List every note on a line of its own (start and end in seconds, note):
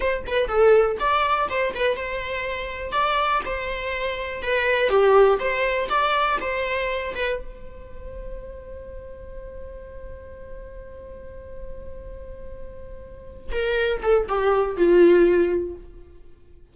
0.00 0.23 C5
0.26 0.48 B4
0.48 0.97 A4
0.99 1.48 D5
1.49 1.74 C5
1.75 1.96 B4
1.96 2.92 C5
2.92 3.41 D5
3.45 4.42 C5
4.42 4.89 B4
4.89 5.38 G4
5.39 5.88 C5
5.89 6.38 D5
6.40 7.14 C5
7.15 7.39 B4
7.39 13.52 C5
13.52 14.01 A#4
14.02 14.27 A4
14.28 14.76 G4
14.76 15.75 F4